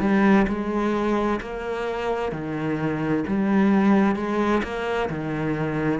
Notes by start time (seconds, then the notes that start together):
0.00 G3
0.48 G#3
1.41 A#3
2.32 D#3
3.27 G3
4.16 G#3
4.63 A#3
5.09 D#3